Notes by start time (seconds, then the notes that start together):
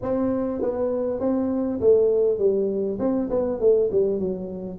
0.02 C4
0.61 B3
1.20 C4
1.80 A3
2.38 G3
2.99 C4
3.30 B3
3.60 A3
3.91 G3
4.19 F#3